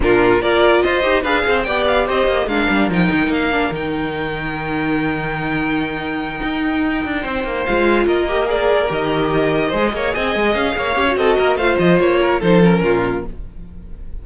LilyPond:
<<
  \new Staff \with { instrumentName = "violin" } { \time 4/4 \tempo 4 = 145 ais'4 d''4 dis''4 f''4 | g''8 f''8 dis''4 f''4 g''4 | f''4 g''2.~ | g''1~ |
g''2~ g''8 f''4 dis''8~ | dis''8 d''4 dis''2~ dis''8~ | dis''8 gis''4 f''4. dis''4 | f''8 dis''8 cis''4 c''8 ais'4. | }
  \new Staff \with { instrumentName = "violin" } { \time 4/4 f'4 ais'4 c''4 b'8 c''8 | d''4 c''4 ais'2~ | ais'1~ | ais'1~ |
ais'4. c''2 ais'8~ | ais'2.~ ais'8 c''8 | cis''8 dis''4. cis''4 a'8 ais'8 | c''4. ais'8 a'4 f'4 | }
  \new Staff \with { instrumentName = "viola" } { \time 4/4 d'4 f'4. g'8 gis'4 | g'2 d'4 dis'4~ | dis'8 d'8 dis'2.~ | dis'1~ |
dis'2~ dis'8 f'4. | g'8 gis'4 g'2 gis'8~ | gis'2~ gis'8 g'16 fis'4~ fis'16 | f'2 dis'8 cis'4. | }
  \new Staff \with { instrumentName = "cello" } { \time 4/4 ais,4 ais4 f'8 dis'8 d'8 c'8 | b4 c'8 ais8 gis8 g8 f8 dis8 | ais4 dis2.~ | dis2.~ dis8 dis'8~ |
dis'4 d'8 c'8 ais8 gis4 ais8~ | ais4. dis2 gis8 | ais8 c'8 gis8 cis'8 ais8 cis'8 c'8 ais8 | a8 f8 ais4 f4 ais,4 | }
>>